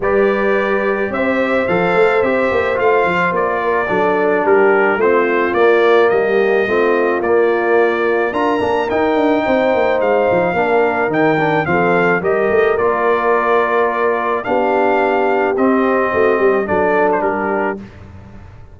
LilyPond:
<<
  \new Staff \with { instrumentName = "trumpet" } { \time 4/4 \tempo 4 = 108 d''2 e''4 f''4 | e''4 f''4 d''2 | ais'4 c''4 d''4 dis''4~ | dis''4 d''2 ais''4 |
g''2 f''2 | g''4 f''4 dis''4 d''4~ | d''2 f''2 | dis''2 d''8. c''16 ais'4 | }
  \new Staff \with { instrumentName = "horn" } { \time 4/4 b'2 c''2~ | c''2~ c''8 ais'8 a'4 | g'4 f'2 g'4 | f'2. ais'4~ |
ais'4 c''2 ais'4~ | ais'4 a'4 ais'2~ | ais'2 g'2~ | g'4 fis'8 g'8 a'4 g'4 | }
  \new Staff \with { instrumentName = "trombone" } { \time 4/4 g'2. a'4 | g'4 f'2 d'4~ | d'4 c'4 ais2 | c'4 ais2 f'8 d'8 |
dis'2. d'4 | dis'8 d'8 c'4 g'4 f'4~ | f'2 d'2 | c'2 d'2 | }
  \new Staff \with { instrumentName = "tuba" } { \time 4/4 g2 c'4 f8 a8 | c'8 ais8 a8 f8 ais4 fis4 | g4 a4 ais4 g4 | a4 ais2 d'8 ais8 |
dis'8 d'8 c'8 ais8 gis8 f8 ais4 | dis4 f4 g8 a8 ais4~ | ais2 b2 | c'4 a8 g8 fis4 g4 | }
>>